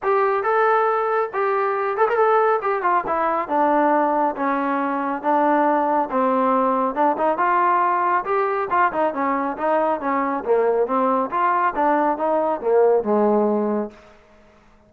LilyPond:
\new Staff \with { instrumentName = "trombone" } { \time 4/4 \tempo 4 = 138 g'4 a'2 g'4~ | g'8 a'16 ais'16 a'4 g'8 f'8 e'4 | d'2 cis'2 | d'2 c'2 |
d'8 dis'8 f'2 g'4 | f'8 dis'8 cis'4 dis'4 cis'4 | ais4 c'4 f'4 d'4 | dis'4 ais4 gis2 | }